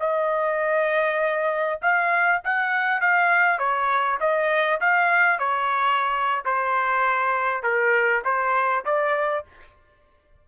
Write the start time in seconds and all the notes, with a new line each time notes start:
0.00 D#5
1.82 F5
2.44 F#5
3.01 F5
3.59 C#5
4.21 D#5
4.81 F5
5.39 C#5
6.45 C5
7.63 A#4
8.25 C5
8.85 D5